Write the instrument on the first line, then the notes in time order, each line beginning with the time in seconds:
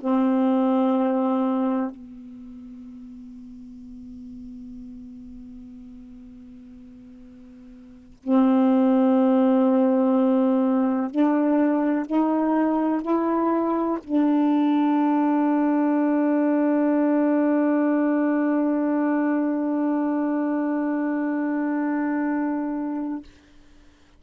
saxophone
0.00 C4
1.90 B3
8.23 C4
11.11 D4
12.06 D#4
13.02 E4
14.04 D4